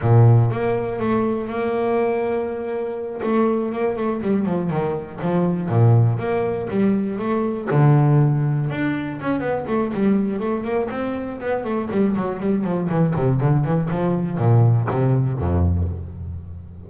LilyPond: \new Staff \with { instrumentName = "double bass" } { \time 4/4 \tempo 4 = 121 ais,4 ais4 a4 ais4~ | ais2~ ais8 a4 ais8 | a8 g8 f8 dis4 f4 ais,8~ | ais,8 ais4 g4 a4 d8~ |
d4. d'4 cis'8 b8 a8 | g4 a8 ais8 c'4 b8 a8 | g8 fis8 g8 f8 e8 c8 d8 e8 | f4 ais,4 c4 f,4 | }